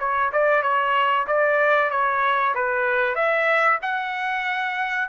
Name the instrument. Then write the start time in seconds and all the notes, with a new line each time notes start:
trumpet
0.00 C#5
0.33 D5
0.63 C#5
1.28 D5
1.91 C#5
2.55 B4
3.16 E5
3.82 F#5